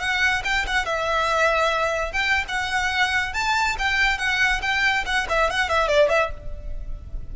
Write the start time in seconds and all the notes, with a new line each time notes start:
0.00 F#5
0.44 G5
0.67 F#5
0.85 E5
2.13 G5
2.48 F#5
3.34 A5
3.79 G5
4.18 F#5
4.62 G5
5.06 F#5
5.29 E5
5.50 F#5
5.69 E5
5.88 D5
6.09 E5